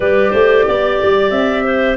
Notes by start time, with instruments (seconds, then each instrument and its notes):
0.00 tuba G3, clarinet G4 B4, flute D5
0.30 tuba A3, clarinet C5
0.67 tuba B3, clarinet D5
1.02 tuba G3
1.30 tuba C4, flute E5
1.64 clarinet C5